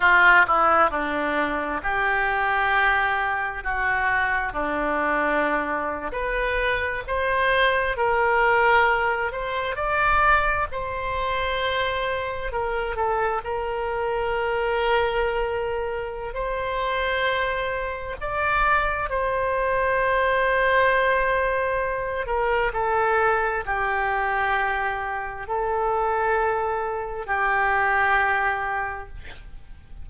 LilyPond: \new Staff \with { instrumentName = "oboe" } { \time 4/4 \tempo 4 = 66 f'8 e'8 d'4 g'2 | fis'4 d'4.~ d'16 b'4 c''16~ | c''8. ais'4. c''8 d''4 c''16~ | c''4.~ c''16 ais'8 a'8 ais'4~ ais'16~ |
ais'2 c''2 | d''4 c''2.~ | c''8 ais'8 a'4 g'2 | a'2 g'2 | }